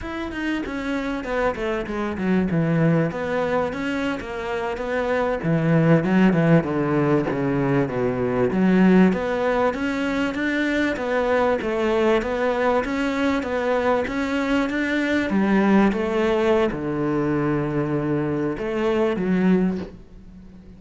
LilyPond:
\new Staff \with { instrumentName = "cello" } { \time 4/4 \tempo 4 = 97 e'8 dis'8 cis'4 b8 a8 gis8 fis8 | e4 b4 cis'8. ais4 b16~ | b8. e4 fis8 e8 d4 cis16~ | cis8. b,4 fis4 b4 cis'16~ |
cis'8. d'4 b4 a4 b16~ | b8. cis'4 b4 cis'4 d'16~ | d'8. g4 a4~ a16 d4~ | d2 a4 fis4 | }